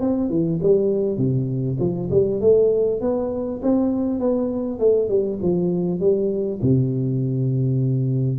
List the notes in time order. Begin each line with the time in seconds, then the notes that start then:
0.00 C4
0.29 E3
0.62 G3
1.17 C3
1.79 F3
2.10 G3
2.41 A3
3.00 B3
3.62 C4
4.19 B3
4.79 A3
5.08 G3
5.42 F3
6.00 G3
6.62 C3